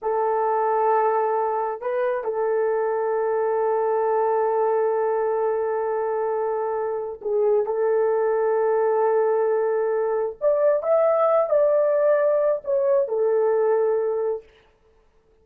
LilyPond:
\new Staff \with { instrumentName = "horn" } { \time 4/4 \tempo 4 = 133 a'1 | b'4 a'2.~ | a'1~ | a'1 |
gis'4 a'2.~ | a'2. d''4 | e''4. d''2~ d''8 | cis''4 a'2. | }